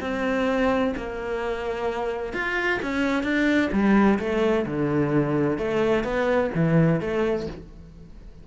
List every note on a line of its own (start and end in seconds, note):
0.00 0.93 C4
0.96 2.33 A#3
2.33 2.79 F4
2.82 3.23 C#4
3.23 3.69 D4
3.72 4.18 G3
4.19 4.65 A3
4.66 5.58 D3
5.58 6.04 A3
6.04 6.50 B3
6.54 7.00 E3
7.00 7.47 A3